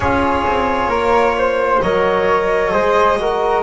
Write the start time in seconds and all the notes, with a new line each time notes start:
0.00 C#4 F4 G#4 C#5
0.46 C4
0.87 A#3 A#4
1.37 C5
1.81 F#3 A#4 C#5 D#5
2.71 G#3 G#4 C5
3.17 F#4 A#4